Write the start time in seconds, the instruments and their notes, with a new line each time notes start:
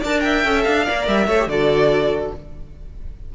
0.00 cello D4, viola A#4, violin D5 A5
0.21 violin E5 G5
0.45 cello C#4, viola A4
0.64 cello D4, violin F5
0.85 cello A#3, viola A#4, violin D5
1.08 cello G3, violin E5
1.27 cello A3, viola A4, violin C#5
1.39 viola G4
1.47 cello D3, viola F#4, violin A4 D5